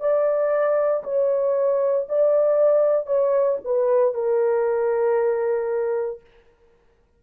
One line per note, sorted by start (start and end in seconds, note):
0.00 1.03 D5
1.03 2.07 C#5
2.09 3.06 D5
3.06 3.58 C#5
3.64 4.14 B4
4.14 6.21 A#4